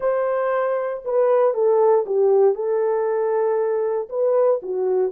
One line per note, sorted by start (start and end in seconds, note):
0.00 1.03 C5
1.05 1.54 B4
1.54 2.05 A4
2.06 2.54 G4
2.54 4.08 A4
4.09 4.60 B4
4.62 5.11 F#4